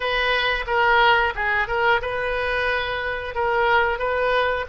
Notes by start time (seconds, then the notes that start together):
0.00 B4
0.67 A#4
1.35 G#4
1.67 A#4
2.02 B4
3.35 A#4
3.98 B4